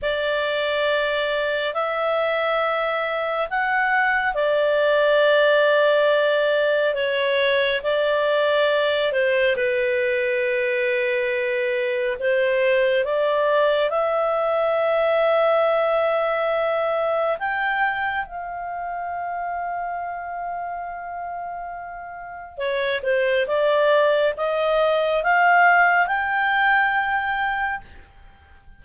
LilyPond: \new Staff \with { instrumentName = "clarinet" } { \time 4/4 \tempo 4 = 69 d''2 e''2 | fis''4 d''2. | cis''4 d''4. c''8 b'4~ | b'2 c''4 d''4 |
e''1 | g''4 f''2.~ | f''2 cis''8 c''8 d''4 | dis''4 f''4 g''2 | }